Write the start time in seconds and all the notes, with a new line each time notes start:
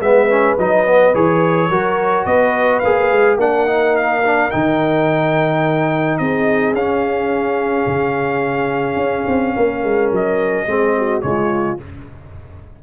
0.00 G#3 B3 B4 E5
0.29 C#4
0.57 F#3 D#4 D#5
0.86 B3
1.14 E3 G#4 C#5
1.69 F#3 F#4 A#4
2.25 B3 B4 D#5
2.79 A#3 G#4 F5
3.11 G#3
3.36 A#3 D4 A#4 F#5
3.66 D#4
3.96 F5
4.23 D4
4.50 D#3 D#4 G5
6.18 C4 G#4 D#5
6.73 C#4 F5
7.86 C#3
8.96 C#4
9.27 C4
9.56 A#3 A#4
9.84 G#3
10.11 F#3 D#5
10.66 G#3 C4 G#4
10.97 F#4
11.21 C#3 G#3 F4 C#5